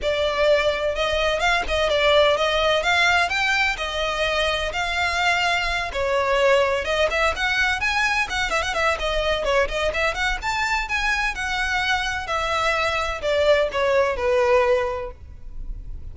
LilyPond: \new Staff \with { instrumentName = "violin" } { \time 4/4 \tempo 4 = 127 d''2 dis''4 f''8 dis''8 | d''4 dis''4 f''4 g''4 | dis''2 f''2~ | f''8 cis''2 dis''8 e''8 fis''8~ |
fis''8 gis''4 fis''8 e''16 fis''16 e''8 dis''4 | cis''8 dis''8 e''8 fis''8 a''4 gis''4 | fis''2 e''2 | d''4 cis''4 b'2 | }